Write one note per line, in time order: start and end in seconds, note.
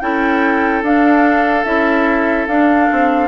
0.00 0.82 C#4
0.00 0.83 E4
0.00 3.28 A4
0.00 0.82 G5
0.82 1.64 D4
0.82 1.65 D4
0.82 1.64 F5
1.64 2.47 C#4
1.64 2.47 E4
1.64 2.46 E5
2.47 2.88 D4
2.47 3.28 D4
2.47 3.28 F5
2.92 3.28 C4